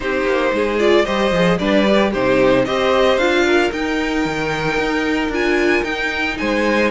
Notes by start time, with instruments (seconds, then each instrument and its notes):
0.00 cello C4, viola D#4, violin G4 C5
0.24 cello A#3
0.52 cello G#3, violin G#4
0.78 viola F4, violin D5
1.04 cello G3, viola G4, violin C5 D#5
1.31 cello F3, viola G#4
1.58 cello G3, viola D4, violin B4 D5
1.86 viola G4
2.10 cello C3, viola D#4, violin G4 C5
2.65 cello C4, viola G4, violin C5 D#5
3.17 cello D4, viola F4, violin F5
3.45 violin A#4
3.72 cello D#4, viola D#4, violin G5
4.25 cello D#3
4.77 cello D#4
5.28 cello D4, viola F4, violin G#5
5.83 cello D#4, viola D#4, violin G5
6.37 cello G#3, violin C5 G#5